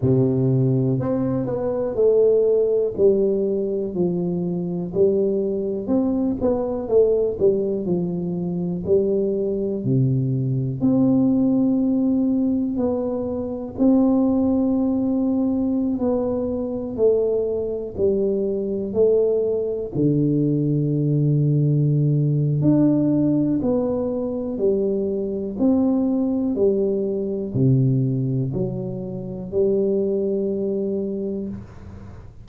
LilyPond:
\new Staff \with { instrumentName = "tuba" } { \time 4/4 \tempo 4 = 61 c4 c'8 b8 a4 g4 | f4 g4 c'8 b8 a8 g8 | f4 g4 c4 c'4~ | c'4 b4 c'2~ |
c'16 b4 a4 g4 a8.~ | a16 d2~ d8. d'4 | b4 g4 c'4 g4 | c4 fis4 g2 | }